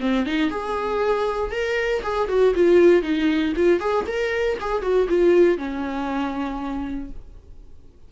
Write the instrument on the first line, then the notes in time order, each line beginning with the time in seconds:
viola
0.00 C4
0.26 D#4
0.50 G#4
1.51 A#4
2.03 G#4
2.28 F#4
2.55 F4
3.02 D#4
3.55 F4
3.80 G#4
4.07 A#4
4.60 G#4
4.81 F#4
5.08 F4
5.57 C#4